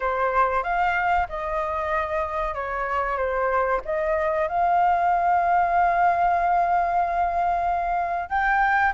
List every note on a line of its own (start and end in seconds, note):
0.00 0.63 C5
0.63 1.27 F5
1.29 2.54 D#5
2.54 3.17 C#5
3.17 3.80 C5
3.84 4.48 D#5
4.48 8.29 F5
8.29 8.92 G5